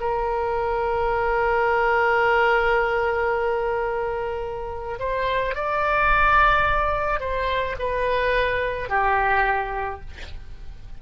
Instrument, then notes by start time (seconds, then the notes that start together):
oboe
0.00 A#4
4.99 C5
5.55 D5
7.20 C5
7.79 B4
8.89 G4